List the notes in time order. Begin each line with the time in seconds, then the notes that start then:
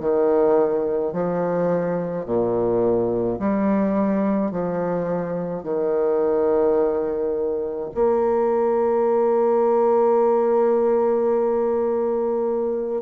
0.00 D#3
1.12 F3
2.25 A#2
3.39 G3
4.51 F3
5.63 D#3
7.94 A#3